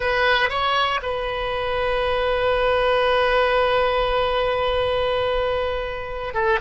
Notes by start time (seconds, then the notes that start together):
0.00 B4
0.49 C#5
1.02 B4
6.34 A4